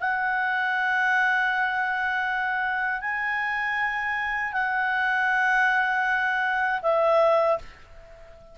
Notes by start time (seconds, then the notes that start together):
0.00 F#5
3.01 G#5
4.53 F#5
6.82 E5